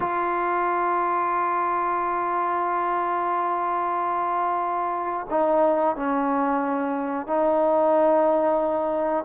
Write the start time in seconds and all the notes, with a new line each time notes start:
0.00 F4
5.30 D#4
5.96 C#4
7.26 D#4